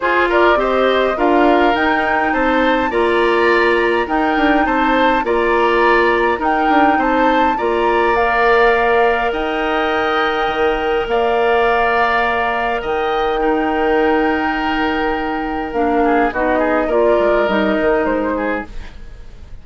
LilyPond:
<<
  \new Staff \with { instrumentName = "flute" } { \time 4/4 \tempo 4 = 103 c''8 d''8 dis''4 f''4 g''4 | a''4 ais''2 g''4 | a''4 ais''2 g''4 | a''4 ais''4 f''2 |
g''2. f''4~ | f''2 g''2~ | g''2. f''4 | dis''4 d''4 dis''4 c''4 | }
  \new Staff \with { instrumentName = "oboe" } { \time 4/4 gis'8 ais'8 c''4 ais'2 | c''4 d''2 ais'4 | c''4 d''2 ais'4 | c''4 d''2. |
dis''2. d''4~ | d''2 dis''4 ais'4~ | ais'2.~ ais'8 gis'8 | fis'8 gis'8 ais'2~ ais'8 gis'8 | }
  \new Staff \with { instrumentName = "clarinet" } { \time 4/4 f'4 g'4 f'4 dis'4~ | dis'4 f'2 dis'4~ | dis'4 f'2 dis'4~ | dis'4 f'4 ais'2~ |
ais'1~ | ais'2. dis'4~ | dis'2. d'4 | dis'4 f'4 dis'2 | }
  \new Staff \with { instrumentName = "bassoon" } { \time 4/4 f'4 c'4 d'4 dis'4 | c'4 ais2 dis'8 d'8 | c'4 ais2 dis'8 d'8 | c'4 ais2. |
dis'2 dis4 ais4~ | ais2 dis2~ | dis2. ais4 | b4 ais8 gis8 g8 dis8 gis4 | }
>>